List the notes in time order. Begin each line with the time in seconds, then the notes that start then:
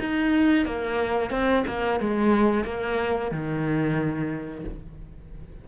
0.00 D#4
0.66 A#3
1.31 C4
1.68 A#3
2.00 G#3
2.65 A#3
3.31 D#3